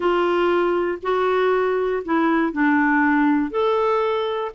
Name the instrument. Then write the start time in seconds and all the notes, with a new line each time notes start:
clarinet
0.00 F4
1.02 F#4
2.04 E4
2.52 D4
3.50 A4